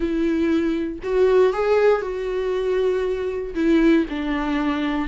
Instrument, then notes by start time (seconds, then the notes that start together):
viola
0.00 E4
1.03 F#4
1.53 G#4
2.01 F#4
3.54 E4
4.09 D4